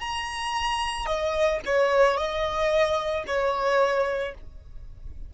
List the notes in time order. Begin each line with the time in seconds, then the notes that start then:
0.00 A#5
1.06 D#5
1.66 C#5
2.17 D#5
3.27 C#5